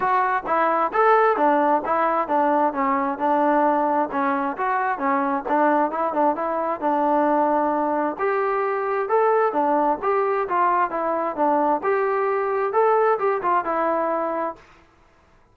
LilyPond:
\new Staff \with { instrumentName = "trombone" } { \time 4/4 \tempo 4 = 132 fis'4 e'4 a'4 d'4 | e'4 d'4 cis'4 d'4~ | d'4 cis'4 fis'4 cis'4 | d'4 e'8 d'8 e'4 d'4~ |
d'2 g'2 | a'4 d'4 g'4 f'4 | e'4 d'4 g'2 | a'4 g'8 f'8 e'2 | }